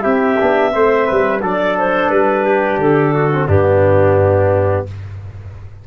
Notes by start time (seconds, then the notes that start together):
0.00 C4 E4 G4 E5
0.40 B3 D4
0.72 A3 C4 C5
1.06 G3 B4
1.42 F#3 D4 A4 D5
1.78 C5
2.10 G3 B4
2.45 G4
2.78 D3 A4
3.14 F#4
3.34 C4
3.47 G2 B3 D4 G4